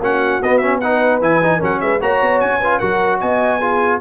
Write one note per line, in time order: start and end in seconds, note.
0.00 0.40 A#3
0.00 0.43 C#4
0.00 0.80 F#4
0.00 0.43 F#5
0.43 1.21 B3
0.43 0.62 B3
0.43 0.58 D#5
0.58 0.82 C#4
0.58 0.78 E5
0.80 1.22 D#4
0.80 1.58 B4
0.80 1.20 F#5
1.21 1.61 E3
1.21 1.42 E4
1.21 1.63 G#5
1.43 1.60 D#4
1.58 1.81 F#3
1.58 2.00 C#4
1.58 1.78 A#4
1.64 1.81 F#5
1.81 2.01 G#3
1.81 2.02 B4
1.81 2.01 E5
2.01 2.22 A#3
2.01 2.61 F#4
2.01 2.61 C#5
2.01 2.40 A#5
2.22 2.42 B3
2.40 2.82 C#4
2.40 2.79 G#5
2.61 2.81 F4
2.61 2.79 B4
2.79 3.22 F#3
2.79 3.61 F#4
2.79 3.19 A#4
2.79 3.19 F#5
3.20 4.01 B3
3.20 3.60 D#5
3.20 4.00 G#5
3.60 4.01 F4
3.60 4.00 G#4